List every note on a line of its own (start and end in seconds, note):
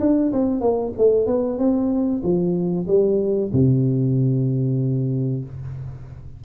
0.00 0.32 D4
0.32 0.61 C4
0.61 0.93 A#3
0.98 1.26 A3
1.26 1.58 B3
1.58 2.22 C4
2.23 2.87 F3
2.87 3.51 G3
3.53 5.44 C3